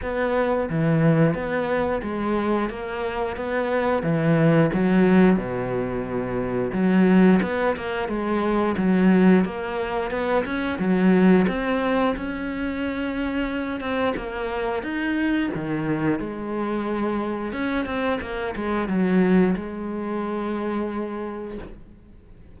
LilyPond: \new Staff \with { instrumentName = "cello" } { \time 4/4 \tempo 4 = 89 b4 e4 b4 gis4 | ais4 b4 e4 fis4 | b,2 fis4 b8 ais8 | gis4 fis4 ais4 b8 cis'8 |
fis4 c'4 cis'2~ | cis'8 c'8 ais4 dis'4 dis4 | gis2 cis'8 c'8 ais8 gis8 | fis4 gis2. | }